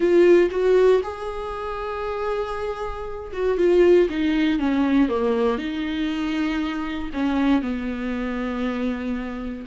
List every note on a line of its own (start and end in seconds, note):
0.00 0.49 F4
0.50 1.01 F#4
1.03 3.32 G#4
3.32 3.57 F#4
3.57 4.08 F4
4.09 4.59 D#4
4.59 5.08 C#4
5.08 5.58 A#3
5.58 7.10 D#4
7.13 7.62 C#4
7.62 9.65 B3